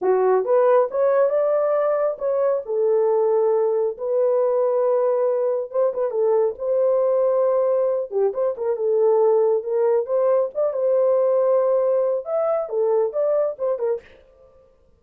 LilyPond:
\new Staff \with { instrumentName = "horn" } { \time 4/4 \tempo 4 = 137 fis'4 b'4 cis''4 d''4~ | d''4 cis''4 a'2~ | a'4 b'2.~ | b'4 c''8 b'8 a'4 c''4~ |
c''2~ c''8 g'8 c''8 ais'8 | a'2 ais'4 c''4 | d''8 c''2.~ c''8 | e''4 a'4 d''4 c''8 ais'8 | }